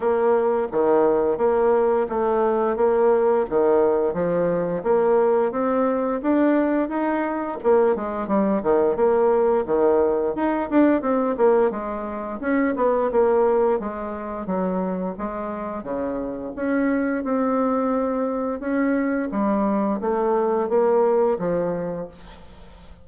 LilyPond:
\new Staff \with { instrumentName = "bassoon" } { \time 4/4 \tempo 4 = 87 ais4 dis4 ais4 a4 | ais4 dis4 f4 ais4 | c'4 d'4 dis'4 ais8 gis8 | g8 dis8 ais4 dis4 dis'8 d'8 |
c'8 ais8 gis4 cis'8 b8 ais4 | gis4 fis4 gis4 cis4 | cis'4 c'2 cis'4 | g4 a4 ais4 f4 | }